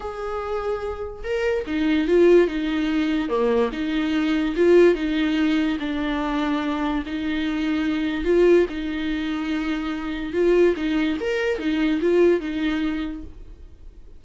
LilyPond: \new Staff \with { instrumentName = "viola" } { \time 4/4 \tempo 4 = 145 gis'2. ais'4 | dis'4 f'4 dis'2 | ais4 dis'2 f'4 | dis'2 d'2~ |
d'4 dis'2. | f'4 dis'2.~ | dis'4 f'4 dis'4 ais'4 | dis'4 f'4 dis'2 | }